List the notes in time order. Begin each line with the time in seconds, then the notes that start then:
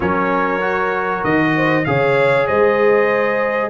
0.00 F#3 C#4 A#4 C#5
0.61 F#4
1.23 D#3 D#5
1.56 C5
1.84 C#3 G#4 C#5 F5
2.47 G#3 C5 D#5